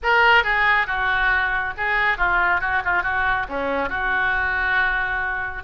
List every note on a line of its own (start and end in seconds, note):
0.03 0.43 A#4
0.43 0.87 G#4
0.87 1.74 F#4
1.77 2.17 G#4
2.17 2.60 F4
2.60 2.82 F#4
2.84 3.02 F4
3.02 3.46 F#4
3.48 3.89 C#4
3.89 5.63 F#4